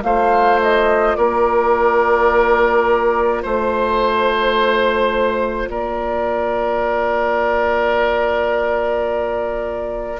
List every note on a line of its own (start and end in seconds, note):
0.00 1.17 A3
0.00 10.19 F4
0.00 1.18 C5
0.00 0.60 F5
0.62 1.16 D#5
1.16 3.44 A#3
1.16 3.43 A#4
1.16 3.42 D5
3.43 5.69 A3
3.43 5.69 C5
5.69 10.20 A#3
5.69 10.20 A#4
5.69 10.20 D5